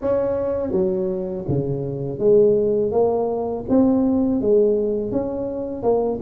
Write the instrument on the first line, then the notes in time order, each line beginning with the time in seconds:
tuba
0.01 C#4
0.71 F#3
1.48 C#3
2.19 G#3
2.91 A#3
3.69 C4
4.41 G#3
5.11 C#4
5.82 A#3